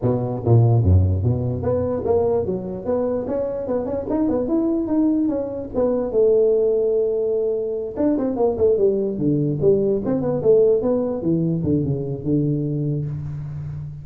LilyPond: \new Staff \with { instrumentName = "tuba" } { \time 4/4 \tempo 4 = 147 b,4 ais,4 fis,4 b,4 | b4 ais4 fis4 b4 | cis'4 b8 cis'8 dis'8 b8 e'4 | dis'4 cis'4 b4 a4~ |
a2.~ a8 d'8 | c'8 ais8 a8 g4 d4 g8~ | g8 c'8 b8 a4 b4 e8~ | e8 d8 cis4 d2 | }